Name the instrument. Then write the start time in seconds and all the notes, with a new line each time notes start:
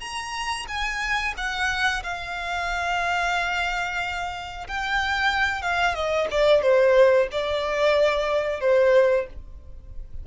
violin
0.00 A#5
0.68 G#5
1.37 F#5
2.03 F5
4.68 G5
5.62 F5
5.95 D#5
6.31 D5
6.62 C5
7.32 D5
8.60 C5